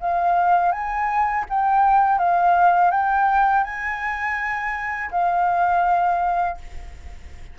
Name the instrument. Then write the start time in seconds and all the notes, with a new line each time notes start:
flute
0.00 F5
0.72 G#5
1.49 G5
2.18 F5
2.91 G5
3.64 G#5
5.11 F5